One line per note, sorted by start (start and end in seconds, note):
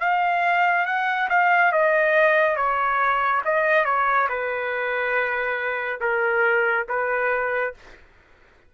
0.00 0.85 F5
0.85 1.28 F#5
1.29 1.72 F5
1.72 2.56 D#5
2.56 3.41 C#5
3.45 3.85 D#5
3.85 4.27 C#5
4.29 6.00 B4
6.00 6.86 A#4
6.88 7.74 B4